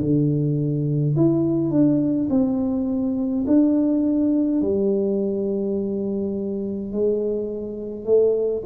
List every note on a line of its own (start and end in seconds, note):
0.00 1.15 D3
1.16 1.70 E4
1.70 2.28 D4
2.30 3.45 C4
3.47 4.61 D4
4.61 6.92 G3
6.92 8.05 G#3
8.05 8.62 A3